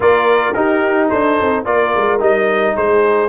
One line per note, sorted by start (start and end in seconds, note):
0.00 0.55 A#3
0.00 0.54 F4
0.00 0.55 A#4
0.00 0.53 D5
0.53 1.65 D#4
0.53 1.11 D#4
0.53 1.09 G4
0.53 1.08 A#4
1.09 1.39 D4
1.09 1.64 A4
1.09 1.64 C5
1.40 1.65 C4
1.65 1.93 A#3
1.65 2.19 F4
1.65 2.75 A#4
1.65 2.20 D5
1.96 2.20 G#3
2.19 2.75 G3
2.19 3.29 D#4
2.19 2.76 D#5
2.75 3.29 G#3
2.75 3.29 G#4
2.75 3.29 C5